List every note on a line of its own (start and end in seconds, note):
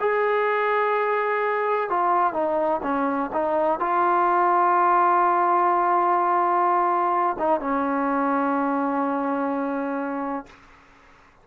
0.00 1.89 G#4
1.89 2.33 F4
2.33 2.81 D#4
2.83 3.30 C#4
3.32 3.79 D#4
3.79 7.36 F4
7.39 7.60 D#4
7.60 10.46 C#4